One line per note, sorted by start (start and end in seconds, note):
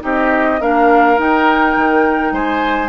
0.00 0.60 C4
0.00 0.58 D#4
0.00 0.60 G4
0.00 0.61 D#5
0.60 1.18 A#3
0.60 1.17 D4
0.60 2.33 A#4
0.60 1.19 F5
1.17 2.89 D#4
1.17 1.75 D#4
1.17 2.34 G5
1.76 2.31 D#3
2.31 2.89 G#3
2.31 2.89 C5
2.31 2.89 G#5